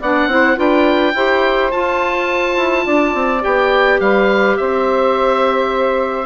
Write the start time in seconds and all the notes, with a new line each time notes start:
0.00 B3 D4 D5 F#5
0.27 C4 E4 C5
0.55 D4 F4 B4 G5
1.14 E4 G4 C5
1.71 F4 A5
2.57 E4
2.85 D4 D5
3.14 C4
3.40 B3 G4 G5
4.00 G3 B4 F5
4.57 C4 C5 E5